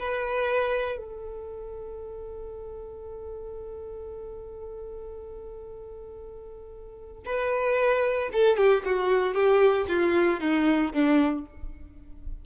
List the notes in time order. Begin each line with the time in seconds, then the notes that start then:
0.00 B4
0.98 A4
7.26 B4
8.33 A4
8.58 G4
8.85 F#4
9.34 G4
9.89 F4
10.41 D#4
10.94 D4